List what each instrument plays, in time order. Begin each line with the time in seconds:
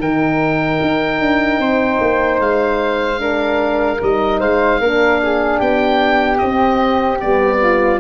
0.00 tuba D#3, horn D#4, flute A#4, oboe G5
0.82 tuba D#4
1.20 tuba D4
1.59 tuba C4, flute C5
2.01 tuba A#3
2.39 tuba G#3, oboe F5
3.19 horn D4, flute A#4
4.01 tuba G3, horn D#4, oboe D#5
4.39 tuba G#3, flute C5, oboe F5
4.80 tuba A#3, horn D4, flute A#4
5.23 flute G#4
5.59 tuba B3, flute G4, oboe G5
6.38 horn C4, tuba C4, oboe D#5
7.21 tuba G3, horn B3, oboe D5
7.62 flute F4